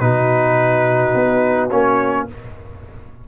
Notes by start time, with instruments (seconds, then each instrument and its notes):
0.00 tuba B2, trombone D#4, horn F#4, trumpet B4
1.15 tuba B3
1.71 tuba A#3, trombone C#4, trumpet C#5